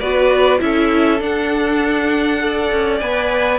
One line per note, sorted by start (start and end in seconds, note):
0.00 0.61 B3
0.00 0.59 F#4
0.00 0.60 B4
0.00 0.60 D5
0.59 1.21 C#4
0.59 1.19 E4
0.59 2.44 A4
0.59 1.21 E5
1.20 2.40 D4
1.20 2.71 D4
1.20 3.00 F#5
2.40 3.00 A4
2.40 3.59 D5
2.72 3.02 C#4
3.00 3.59 B3
3.00 3.59 B4
3.00 3.59 G#5